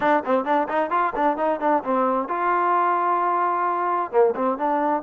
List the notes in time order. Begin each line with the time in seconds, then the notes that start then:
0.00 D4
0.25 C4
0.44 D4
0.68 D#4
0.90 F4
1.15 D4
1.37 D#4
1.60 D4
1.83 C4
2.28 F4
4.11 A#3
4.35 C4
4.58 D4